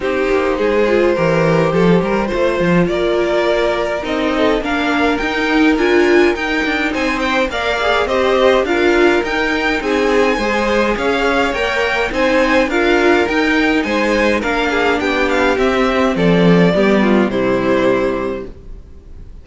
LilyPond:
<<
  \new Staff \with { instrumentName = "violin" } { \time 4/4 \tempo 4 = 104 c''1~ | c''4 d''2 dis''4 | f''4 g''4 gis''4 g''4 | gis''8 g''8 f''4 dis''4 f''4 |
g''4 gis''2 f''4 | g''4 gis''4 f''4 g''4 | gis''4 f''4 g''8 f''8 e''4 | d''2 c''2 | }
  \new Staff \with { instrumentName = "violin" } { \time 4/4 g'4 gis'4 ais'4 a'8 ais'8 | c''4 ais'2~ ais'8 a'8 | ais'1 | c''4 d''4 c''4 ais'4~ |
ais'4 gis'4 c''4 cis''4~ | cis''4 c''4 ais'2 | c''4 ais'8 gis'8 g'2 | a'4 g'8 f'8 e'2 | }
  \new Staff \with { instrumentName = "viola" } { \time 4/4 dis'4. f'8 g'2 | f'2. dis'4 | d'4 dis'4 f'4 dis'4~ | dis'4 ais'8 gis'8 g'4 f'4 |
dis'2 gis'2 | ais'4 dis'4 f'4 dis'4~ | dis'4 d'2 c'4~ | c'4 b4 g2 | }
  \new Staff \with { instrumentName = "cello" } { \time 4/4 c'8 ais8 gis4 e4 f8 g8 | a8 f8 ais2 c'4 | ais4 dis'4 d'4 dis'8 d'8 | c'4 ais4 c'4 d'4 |
dis'4 c'4 gis4 cis'4 | ais4 c'4 d'4 dis'4 | gis4 ais4 b4 c'4 | f4 g4 c2 | }
>>